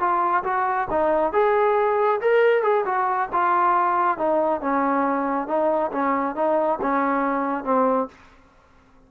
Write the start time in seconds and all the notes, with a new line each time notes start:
0.00 F4
0.44 F#4
0.91 D#4
1.33 G#4
2.21 A#4
2.63 G#4
2.86 F#4
3.33 F4
4.18 D#4
4.61 C#4
5.48 D#4
5.92 C#4
6.36 D#4
6.82 C#4
7.65 C4